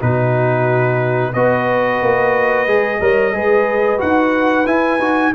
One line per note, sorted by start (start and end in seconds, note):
0.00 1.35 B2
0.00 1.33 D#4
0.00 1.33 F#4
0.00 1.33 B4
1.33 2.01 B3
1.33 2.68 F#4
1.33 3.00 B4
1.33 4.00 D#5
2.02 2.67 A#3
2.67 3.00 G#3
2.67 3.01 G#4
3.00 3.34 G3
3.00 3.34 A#4
3.00 3.34 C#5
3.34 4.00 G#3
3.34 3.98 G#4
3.34 5.35 B4
3.98 4.66 D#4
3.98 4.65 F#4
3.98 4.67 F#5
4.66 4.98 E4
4.66 5.00 E4
4.66 5.33 G#5
4.98 5.32 D#4
4.98 5.34 F#4